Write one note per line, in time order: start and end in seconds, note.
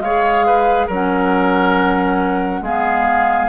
0.00 0.87 G#3
0.00 0.91 G#4
0.00 0.46 C#5
0.00 0.88 F5
0.46 0.87 B4
0.87 2.61 F#3
0.87 2.65 C#4
0.87 2.61 A#4
0.93 2.64 F#5
2.61 3.48 G#3
2.61 3.49 B3
2.61 3.49 G#4
2.61 3.49 F5